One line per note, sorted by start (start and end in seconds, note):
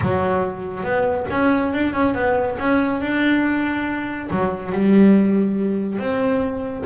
0.01 0.83 F#3
0.83 1.26 B3
1.30 1.73 C#4
1.73 1.93 D4
1.93 2.14 C#4
2.14 2.57 B3
2.58 3.00 C#4
3.00 4.29 D4
4.30 4.71 F#3
4.71 5.98 G3
5.98 6.84 C4